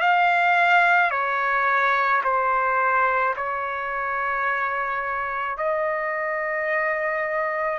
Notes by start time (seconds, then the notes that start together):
0.00 F5
1.11 C#5
2.23 C5
3.36 C#5
5.57 D#5